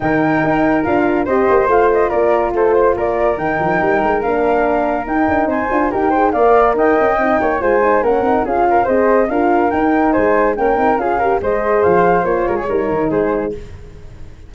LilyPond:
<<
  \new Staff \with { instrumentName = "flute" } { \time 4/4 \tempo 4 = 142 g''2 f''4 dis''4 | f''8 dis''8 d''4 c''4 d''4 | g''2 f''2 | g''4 gis''4 g''4 f''4 |
g''2 gis''4 fis''4 | f''4 dis''4 f''4 g''4 | gis''4 g''4 f''4 dis''4 | f''4 cis''2 c''4 | }
  \new Staff \with { instrumentName = "flute" } { \time 4/4 ais'2. c''4~ | c''4 ais'4 a'8 c''8 ais'4~ | ais'1~ | ais'4 c''4 ais'8 c''8 d''4 |
dis''4. cis''8 c''4 ais'4 | gis'8 ais'8 c''4 ais'2 | c''4 ais'4 gis'8 ais'8 c''4~ | c''4. ais'16 gis'16 ais'4 gis'4 | }
  \new Staff \with { instrumentName = "horn" } { \time 4/4 dis'2 f'4 g'4 | f'1 | dis'2 d'2 | dis'4. f'8 g'8 gis'8 ais'4~ |
ais'4 dis'4 f'8 dis'8 cis'8 dis'8 | f'4 gis'4 f'4 dis'4~ | dis'4 cis'8 dis'8 f'8 g'8 gis'4~ | gis'4 f'4 dis'2 | }
  \new Staff \with { instrumentName = "tuba" } { \time 4/4 dis4 dis'4 d'4 c'8 ais8 | a4 ais4 a4 ais4 | dis8 f8 g8 gis8 ais2 | dis'8 d'8 c'8 d'8 dis'4 ais4 |
dis'8 cis'8 c'8 ais8 gis4 ais8 c'8 | cis'4 c'4 d'4 dis'4 | gis4 ais8 c'8 cis'4 gis4 | f4 ais8 gis8 g8 dis8 gis4 | }
>>